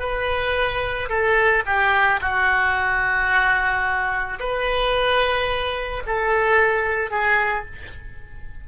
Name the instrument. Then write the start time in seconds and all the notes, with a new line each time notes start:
oboe
0.00 B4
1.09 A4
1.66 G4
2.21 F#4
4.40 B4
6.06 A4
7.11 G#4